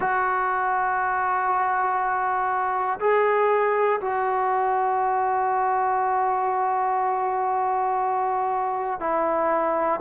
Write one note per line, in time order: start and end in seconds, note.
0.00 2.99 F#4
3.00 4.00 G#4
4.00 9.00 F#4
9.00 10.00 E4